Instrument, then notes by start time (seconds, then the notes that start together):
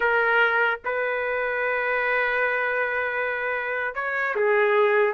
trumpet
0.00 A#4
0.84 B4
3.94 C#5
4.35 G#4